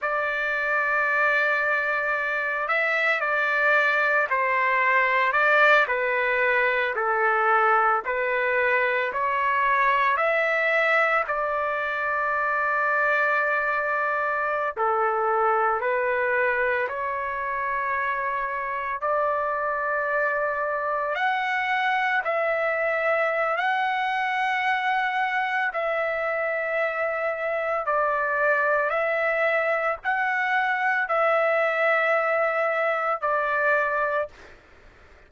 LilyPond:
\new Staff \with { instrumentName = "trumpet" } { \time 4/4 \tempo 4 = 56 d''2~ d''8 e''8 d''4 | c''4 d''8 b'4 a'4 b'8~ | b'8 cis''4 e''4 d''4.~ | d''4.~ d''16 a'4 b'4 cis''16~ |
cis''4.~ cis''16 d''2 fis''16~ | fis''8. e''4~ e''16 fis''2 | e''2 d''4 e''4 | fis''4 e''2 d''4 | }